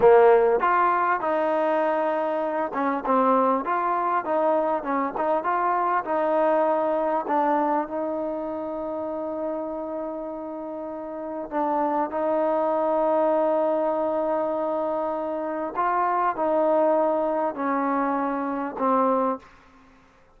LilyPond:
\new Staff \with { instrumentName = "trombone" } { \time 4/4 \tempo 4 = 99 ais4 f'4 dis'2~ | dis'8 cis'8 c'4 f'4 dis'4 | cis'8 dis'8 f'4 dis'2 | d'4 dis'2.~ |
dis'2. d'4 | dis'1~ | dis'2 f'4 dis'4~ | dis'4 cis'2 c'4 | }